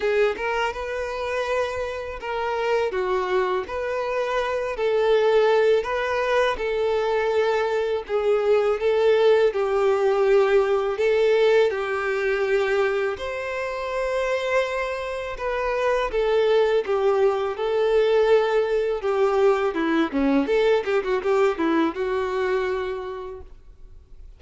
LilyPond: \new Staff \with { instrumentName = "violin" } { \time 4/4 \tempo 4 = 82 gis'8 ais'8 b'2 ais'4 | fis'4 b'4. a'4. | b'4 a'2 gis'4 | a'4 g'2 a'4 |
g'2 c''2~ | c''4 b'4 a'4 g'4 | a'2 g'4 e'8 cis'8 | a'8 g'16 fis'16 g'8 e'8 fis'2 | }